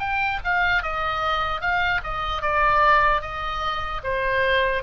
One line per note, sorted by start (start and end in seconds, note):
0.00 0.40 G5
0.45 0.83 F5
0.83 1.61 D#5
1.61 2.01 F5
2.04 2.42 D#5
2.42 3.22 D5
3.22 4.02 D#5
4.04 4.84 C5